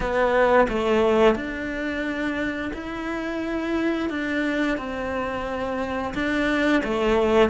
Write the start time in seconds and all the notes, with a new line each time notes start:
0.00 B3
0.68 A3
1.35 D4
2.73 E4
4.09 D4
4.77 C4
6.14 D4
6.84 A3